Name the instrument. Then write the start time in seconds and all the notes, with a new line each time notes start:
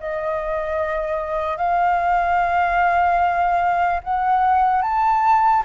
flute
0.00 D#5
1.57 F5
4.04 F#5
4.82 A5